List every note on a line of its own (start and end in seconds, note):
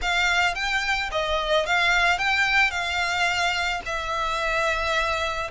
0.01 0.54 F5
0.54 1.09 G5
1.11 1.66 D#5
1.66 2.18 F5
2.18 2.70 G5
2.70 3.81 F5
3.85 5.50 E5